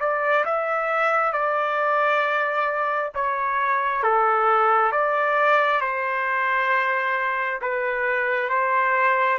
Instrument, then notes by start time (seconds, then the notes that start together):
trumpet
0.00 D5
0.45 E5
1.33 D5
3.15 C#5
4.03 A4
4.92 D5
5.81 C5
7.62 B4
8.50 C5